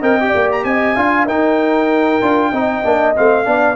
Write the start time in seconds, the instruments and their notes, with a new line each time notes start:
0.00 tuba C4, trombone A#4, horn D#5, trumpet G5
0.21 trombone G4
0.30 tuba A#3, horn D5
0.52 trumpet A#5
0.65 tuba C4, horn D#5, trumpet G#5
0.96 tuba D4, trombone F4, horn F5
1.27 tuba D#4, trombone D#4, horn A#4, trumpet G5
2.22 tuba D4, trombone F4
2.52 tuba C4, trombone D#4, horn D#5
2.84 tuba A#3, trombone D4
3.16 tuba A3, trombone C4, trumpet F5
3.45 tuba B3, trombone D4, horn D5